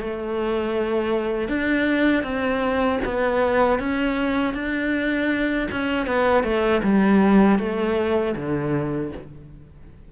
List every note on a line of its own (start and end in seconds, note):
0.00 1.49 A3
1.49 2.23 D4
2.23 2.99 C4
3.05 3.79 B3
3.79 4.54 C#4
4.54 5.68 D4
5.71 6.07 C#4
6.07 6.44 B3
6.44 6.82 A3
6.83 7.59 G3
7.59 8.35 A3
8.36 9.12 D3